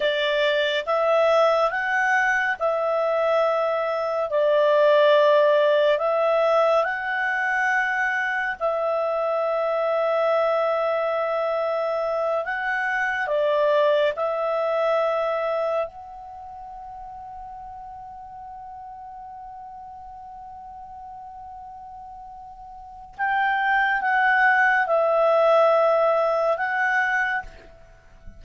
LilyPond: \new Staff \with { instrumentName = "clarinet" } { \time 4/4 \tempo 4 = 70 d''4 e''4 fis''4 e''4~ | e''4 d''2 e''4 | fis''2 e''2~ | e''2~ e''8 fis''4 d''8~ |
d''8 e''2 fis''4.~ | fis''1~ | fis''2. g''4 | fis''4 e''2 fis''4 | }